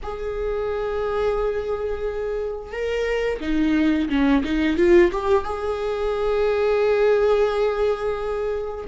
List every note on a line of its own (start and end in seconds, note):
0.02 2.71 G#4
2.71 3.40 A#4
3.40 4.08 D#4
4.09 4.43 C#4
4.43 4.77 D#4
4.77 5.11 F4
5.11 5.44 G4
5.44 8.85 G#4